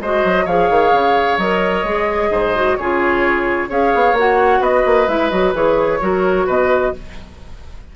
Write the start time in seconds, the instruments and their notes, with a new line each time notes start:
0.00 bassoon G#3, clarinet F#4, oboe C5, flute D#5
0.24 bassoon F#3
0.45 bassoon F3, clarinet G#4, oboe C#5, flute F5
0.70 bassoon D#3
0.92 bassoon C#3
1.37 bassoon F#3, clarinet A#4, flute D#5
1.83 bassoon G#3, clarinet G#4
2.30 bassoon G#2, oboe C5
2.55 clarinet F#4
2.76 bassoon C#3, clarinet F4, oboe G#4, flute C#5
3.69 bassoon C#4, clarinet G#4, oboe C#5, flute F5
3.95 bassoon B3
4.13 bassoon A#3, clarinet F#4
4.19 flute F#5
4.60 bassoon B3, oboe B4, flute D#5
4.85 bassoon A#3
5.07 bassoon G#3, clarinet E4, flute E5
5.30 bassoon F#3, clarinet F#4, flute D#5
5.53 bassoon E3, clarinet G#4, flute C#5
6.01 bassoon F#3, clarinet F#4, oboe A#4
6.46 bassoon B2, oboe B4, flute D#5